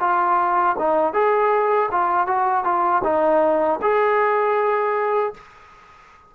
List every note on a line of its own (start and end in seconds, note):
0.00 0.76 F4
0.79 1.14 D#4
1.14 1.90 G#4
1.92 2.27 F4
2.27 2.64 F#4
2.64 3.02 F4
3.04 3.80 D#4
3.82 5.34 G#4